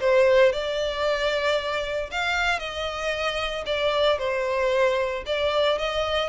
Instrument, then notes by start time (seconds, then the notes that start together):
violin
0.00 C5
0.53 D5
2.11 F5
2.59 D#5
3.66 D5
4.19 C5
5.26 D5
5.78 D#5